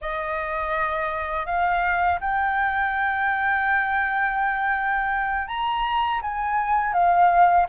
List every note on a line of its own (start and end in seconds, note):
0.01 1.46 D#5
1.46 2.19 F5
2.20 5.47 G5
5.47 6.20 A#5
6.21 6.93 G#5
6.93 7.66 F5